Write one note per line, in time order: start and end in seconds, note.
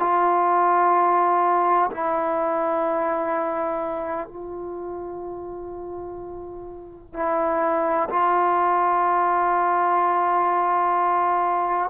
0.00 1.90 F4
1.91 4.28 E4
4.28 7.13 F4
7.13 8.09 E4
8.10 11.90 F4